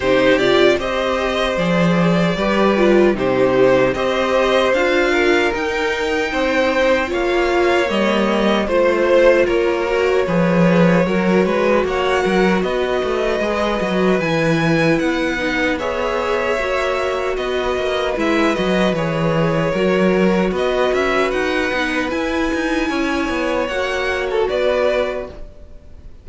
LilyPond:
<<
  \new Staff \with { instrumentName = "violin" } { \time 4/4 \tempo 4 = 76 c''8 d''8 dis''4 d''2 | c''4 dis''4 f''4 g''4~ | g''4 f''4 dis''4 c''4 | cis''2. fis''4 |
dis''2 gis''4 fis''4 | e''2 dis''4 e''8 dis''8 | cis''2 dis''8 e''8 fis''4 | gis''2 fis''8. a'16 d''4 | }
  \new Staff \with { instrumentName = "violin" } { \time 4/4 g'4 c''2 b'4 | g'4 c''4. ais'4. | c''4 cis''2 c''4 | ais'4 b'4 ais'8 b'8 cis''8 ais'8 |
b'1 | cis''2 b'2~ | b'4 ais'4 b'2~ | b'4 cis''2 b'4 | }
  \new Staff \with { instrumentName = "viola" } { \time 4/4 dis'8 f'8 g'4 gis'4 g'8 f'8 | dis'4 g'4 f'4 dis'4~ | dis'4 f'4 ais4 f'4~ | f'8 fis'8 gis'4 fis'2~ |
fis'4 gis'8 fis'8 e'4. dis'8 | gis'4 fis'2 e'8 fis'8 | gis'4 fis'2~ fis'8 dis'8 | e'2 fis'2 | }
  \new Staff \with { instrumentName = "cello" } { \time 4/4 c4 c'4 f4 g4 | c4 c'4 d'4 dis'4 | c'4 ais4 g4 a4 | ais4 f4 fis8 gis8 ais8 fis8 |
b8 a8 gis8 fis8 e4 b4~ | b4 ais4 b8 ais8 gis8 fis8 | e4 fis4 b8 cis'8 dis'8 b8 | e'8 dis'8 cis'8 b8 ais4 b4 | }
>>